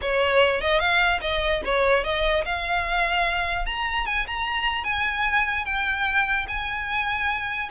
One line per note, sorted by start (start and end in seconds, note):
0.01 0.61 C#5
0.61 0.79 D#5
0.79 1.20 F5
1.21 1.61 D#5
1.64 2.04 C#5
2.04 2.44 D#5
2.45 3.66 F5
3.66 4.06 A#5
4.06 4.26 G#5
4.26 4.84 A#5
4.84 5.65 G#5
5.65 6.46 G5
6.48 7.69 G#5